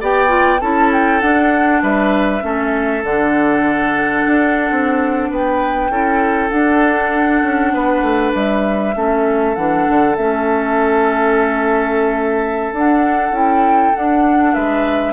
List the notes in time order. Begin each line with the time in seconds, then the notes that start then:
0.00 B3 G4 D5 G5
0.27 F4
0.60 C#4 E4 A4 A5
0.92 G5
1.20 D4 F#5
1.82 G3 B4 E5
2.41 A3 C#4 A4
3.03 D3 D4 F#5
4.25 D4
4.70 C4
5.30 B3 B4 G5
5.89 C#4 E4 A4
6.49 D4 F#5
7.42 C#4
7.72 B3 B4
8.01 A3
8.34 G3 E5
8.95 A3 C#4 A4
9.55 E3 D4 F#5
9.88 D3
10.15 A3 C#4 E5
12.71 D4 F#5
13.30 C#4 E4 G5
13.95 D4 F#5
14.54 G#3 B4 E5